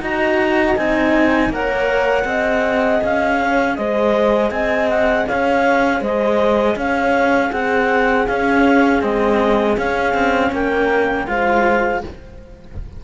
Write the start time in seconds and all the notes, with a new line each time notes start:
0.00 D#4 F#4 D#5 A#5
0.76 C4 D#4 G#5
1.49 A#3 A#4 C#5 F#5
2.24 C4 G#4 D#5
3.03 C#4 F5
3.39 C#5
3.75 G#3 C5 D#5
4.50 C4 D#5 G#5
4.89 F#5
5.27 C#4 C#5 F5
6.00 G#3 C5 D#5
6.76 C#4 C#5 F5
7.50 C4 G#4 F#5
8.27 C#4 F5
9.01 G#3 C4 D#5
9.77 C#4 F5
10.14 C4
10.52 A#3 A#4 G5
11.26 G#3 F4 C5 F5